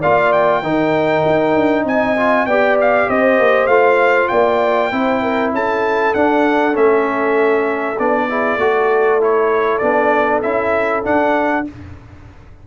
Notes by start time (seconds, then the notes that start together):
0.00 A#3 F4 D5 F5
0.32 G5
0.63 D#3 D#4 A#4
1.26 D#4
1.55 D4
1.85 C4 D#5 G#5
2.17 F4
2.46 B3 G4 D5 G5
2.81 F5
3.08 C4 C5 D#5
3.39 A#3
3.67 A3 F4 F5
4.28 A#3 D5 G5
4.92 C4 E4 C5
5.22 A#4
5.53 C#4 A4 A5
6.14 D4 F#5
6.73 A3 C#4 E5
7.99 B3 D4 D5
8.29 E4 G#4
8.57 A3 F#4 A4
9.20 E4 C#5
9.78 B3 D4 D5
10.42 C#4 E4 E5
11.04 D4 F#5